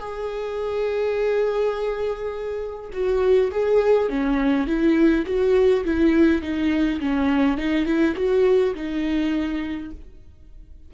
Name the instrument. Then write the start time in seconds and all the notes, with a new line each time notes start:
viola
0.00 G#4
2.93 F#4
3.52 G#4
4.10 C#4
4.67 E4
5.26 F#4
5.85 E4
6.42 D#4
7.01 C#4
7.58 D#4
7.86 E4
8.16 F#4
8.75 D#4